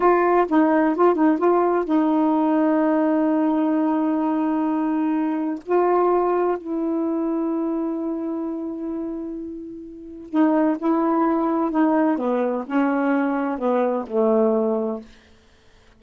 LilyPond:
\new Staff \with { instrumentName = "saxophone" } { \time 4/4 \tempo 4 = 128 f'4 dis'4 f'8 dis'8 f'4 | dis'1~ | dis'1 | f'2 e'2~ |
e'1~ | e'2 dis'4 e'4~ | e'4 dis'4 b4 cis'4~ | cis'4 b4 a2 | }